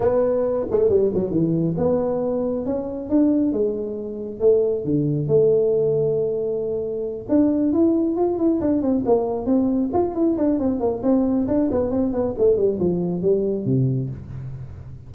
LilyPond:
\new Staff \with { instrumentName = "tuba" } { \time 4/4 \tempo 4 = 136 b4. a8 g8 fis8 e4 | b2 cis'4 d'4 | gis2 a4 d4 | a1~ |
a8 d'4 e'4 f'8 e'8 d'8 | c'8 ais4 c'4 f'8 e'8 d'8 | c'8 ais8 c'4 d'8 b8 c'8 b8 | a8 g8 f4 g4 c4 | }